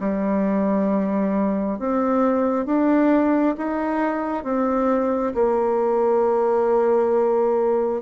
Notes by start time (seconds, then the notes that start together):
0.00 G3
1.79 C4
2.66 D4
3.57 D#4
4.44 C4
5.34 A#3